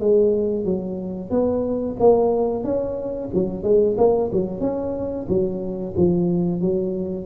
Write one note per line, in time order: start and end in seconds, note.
0.00 0.65 G#3
0.65 1.31 F#3
1.31 1.97 B3
2.00 2.64 A#3
2.64 3.30 C#4
3.34 3.64 F#3
3.64 3.97 G#3
3.98 4.31 A#3
4.33 4.61 F#3
4.61 5.27 C#4
5.29 5.95 F#3
5.97 6.61 F3
6.61 7.26 F#3